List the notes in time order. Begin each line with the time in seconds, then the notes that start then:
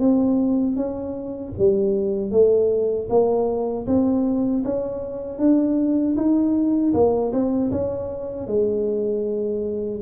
0.00 C4
0.77 C#4
1.59 G3
2.32 A3
3.10 A#3
3.87 C4
4.65 C#4
5.39 D4
6.17 D#4
6.94 A#3
7.33 C4
7.72 C#4
8.48 G#3